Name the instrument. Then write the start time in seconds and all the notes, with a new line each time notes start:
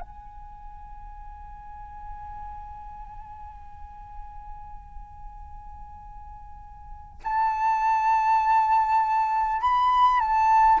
flute
0.00 G#5
7.23 A5
9.61 B5
10.20 A5